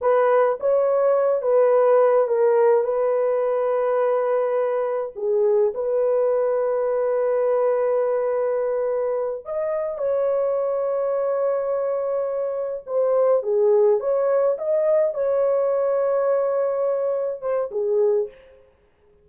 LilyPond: \new Staff \with { instrumentName = "horn" } { \time 4/4 \tempo 4 = 105 b'4 cis''4. b'4. | ais'4 b'2.~ | b'4 gis'4 b'2~ | b'1~ |
b'8 dis''4 cis''2~ cis''8~ | cis''2~ cis''8 c''4 gis'8~ | gis'8 cis''4 dis''4 cis''4.~ | cis''2~ cis''8 c''8 gis'4 | }